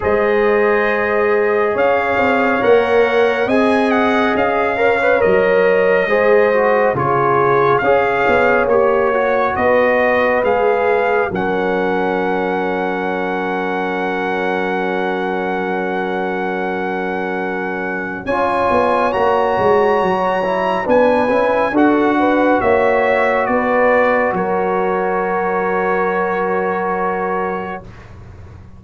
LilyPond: <<
  \new Staff \with { instrumentName = "trumpet" } { \time 4/4 \tempo 4 = 69 dis''2 f''4 fis''4 | gis''8 fis''8 f''4 dis''2 | cis''4 f''4 cis''4 dis''4 | f''4 fis''2.~ |
fis''1~ | fis''4 gis''4 ais''2 | gis''4 fis''4 e''4 d''4 | cis''1 | }
  \new Staff \with { instrumentName = "horn" } { \time 4/4 c''2 cis''2 | dis''4. cis''4. c''4 | gis'4 cis''2 b'4~ | b'4 ais'2.~ |
ais'1~ | ais'4 cis''2. | b'4 a'8 b'8 cis''4 b'4 | ais'1 | }
  \new Staff \with { instrumentName = "trombone" } { \time 4/4 gis'2. ais'4 | gis'4. ais'16 b'16 ais'4 gis'8 fis'8 | f'4 gis'4 g'8 fis'4. | gis'4 cis'2.~ |
cis'1~ | cis'4 f'4 fis'4. e'8 | d'8 e'8 fis'2.~ | fis'1 | }
  \new Staff \with { instrumentName = "tuba" } { \time 4/4 gis2 cis'8 c'8 ais4 | c'4 cis'4 fis4 gis4 | cis4 cis'8 b8 ais4 b4 | gis4 fis2.~ |
fis1~ | fis4 cis'8 b8 ais8 gis8 fis4 | b8 cis'8 d'4 ais4 b4 | fis1 | }
>>